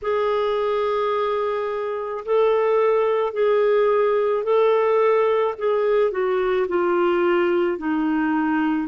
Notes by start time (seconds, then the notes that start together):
0.02 G#4
2.25 A4
3.33 G#4
4.43 A4
5.58 G#4
6.11 F#4
6.68 F4
7.78 D#4